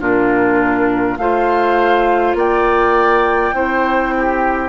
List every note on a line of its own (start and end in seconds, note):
0.00 1.18 A#2
0.00 1.18 D4
0.00 1.18 F4
0.00 1.17 A#4
1.17 2.34 A3
1.17 3.53 F4
1.17 2.37 C5
1.17 2.35 F5
2.34 3.52 A#3
2.34 3.55 D5
2.34 4.69 G5
3.53 4.69 C4
3.53 4.69 E4
3.53 4.14 C5
4.17 4.69 G4